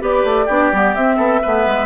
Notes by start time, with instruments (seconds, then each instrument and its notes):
0.00 bassoon B3, clarinet G4, oboe B4, flute D5
0.24 bassoon A3
0.45 bassoon B3, clarinet D4, oboe G4
0.72 bassoon G3, clarinet B3
0.94 bassoon C4, clarinet C4, flute E5
1.16 bassoon B3, oboe A4
1.42 bassoon A3, clarinet B3, oboe B4
1.66 bassoon G#3